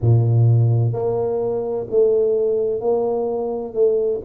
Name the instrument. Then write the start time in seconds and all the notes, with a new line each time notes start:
tuba
0.01 A#2
0.92 A#3
1.90 A3
2.80 A#3
3.74 A3